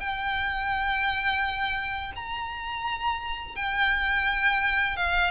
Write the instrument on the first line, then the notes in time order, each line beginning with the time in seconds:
violin
0.00 G5
2.16 A#5
3.56 G5
4.96 F5